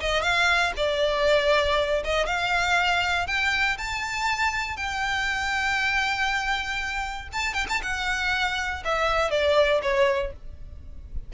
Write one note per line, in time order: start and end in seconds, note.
0.00 0.22 D#5
0.22 0.72 F5
0.76 2.02 D5
2.04 2.26 D#5
2.26 3.27 F5
3.27 3.77 G5
3.77 4.76 A5
4.76 7.28 G5
7.32 7.53 A5
7.53 7.66 G5
7.68 7.81 A5
7.82 8.83 F#5
8.84 9.30 E5
9.30 9.81 D5
9.82 10.32 C#5